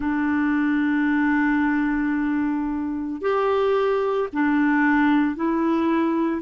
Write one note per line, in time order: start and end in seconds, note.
0.00 3.21 D4
3.21 4.28 G4
4.32 5.35 D4
5.35 6.41 E4